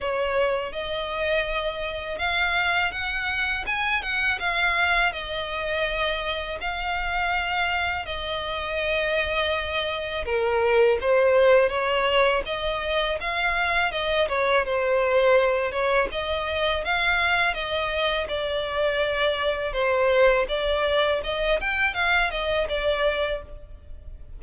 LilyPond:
\new Staff \with { instrumentName = "violin" } { \time 4/4 \tempo 4 = 82 cis''4 dis''2 f''4 | fis''4 gis''8 fis''8 f''4 dis''4~ | dis''4 f''2 dis''4~ | dis''2 ais'4 c''4 |
cis''4 dis''4 f''4 dis''8 cis''8 | c''4. cis''8 dis''4 f''4 | dis''4 d''2 c''4 | d''4 dis''8 g''8 f''8 dis''8 d''4 | }